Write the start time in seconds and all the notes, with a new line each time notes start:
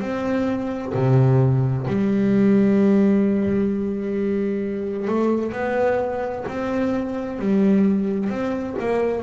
0.00 C4
0.94 C3
1.87 G3
5.07 A3
5.52 B3
6.48 C4
7.39 G3
8.30 C4
8.79 A#3